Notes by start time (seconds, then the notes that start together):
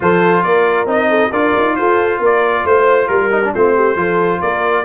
0.00 F3 F4 A4 C5
0.43 A#3 A#4 D5
0.85 C4 D#4 D#5
1.09 A4
1.32 D4 F4 A#4 D5
1.56 D#4
1.75 F4 A4 C5
2.19 A#3 A#4 D5
2.64 A3 C5
3.07 G3 A#4
3.31 D#4
3.44 D4
3.53 A3 C4 F4 C5
3.75 G4
3.96 F3 F4 A4
4.40 A#3 A#4 D5